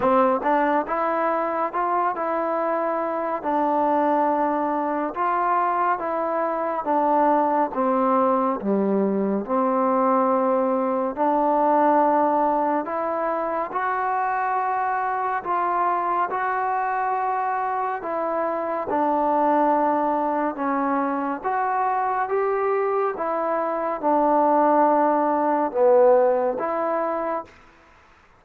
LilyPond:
\new Staff \with { instrumentName = "trombone" } { \time 4/4 \tempo 4 = 70 c'8 d'8 e'4 f'8 e'4. | d'2 f'4 e'4 | d'4 c'4 g4 c'4~ | c'4 d'2 e'4 |
fis'2 f'4 fis'4~ | fis'4 e'4 d'2 | cis'4 fis'4 g'4 e'4 | d'2 b4 e'4 | }